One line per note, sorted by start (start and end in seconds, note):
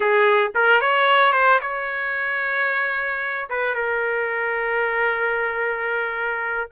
0.00 0.51 G#4
0.54 0.80 A#4
0.80 1.33 C#5
1.33 1.59 C5
1.61 3.48 C#5
3.49 3.75 B4
3.75 6.69 A#4